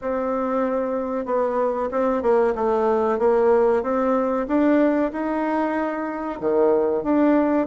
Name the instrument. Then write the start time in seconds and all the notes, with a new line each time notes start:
bassoon
0.01 C4
1.25 B3
1.91 C4
2.22 A#3
2.55 A3
3.19 A#3
3.82 C4
4.47 D4
5.12 D#4
6.40 D#3
7.03 D4